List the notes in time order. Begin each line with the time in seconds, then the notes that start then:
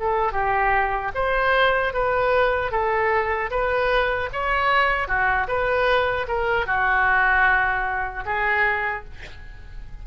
0.00 A4
0.33 G4
1.15 C5
1.94 B4
2.72 A4
3.51 B4
4.33 C#5
5.08 F#4
5.48 B4
6.28 A#4
6.66 F#4
8.26 G#4